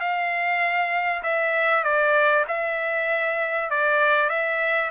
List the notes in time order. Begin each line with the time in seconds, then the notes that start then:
0.00 F5
1.23 E5
1.84 D5
2.48 E5
3.70 D5
4.29 E5